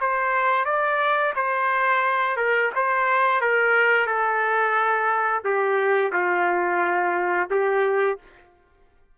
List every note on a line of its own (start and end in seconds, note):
0.00 0.65 C5
0.65 1.33 D5
1.35 2.36 C5
2.36 2.71 A#4
2.75 3.41 C5
3.41 4.06 A#4
4.06 5.43 A4
5.44 6.12 G4
6.12 7.49 F4
7.50 8.18 G4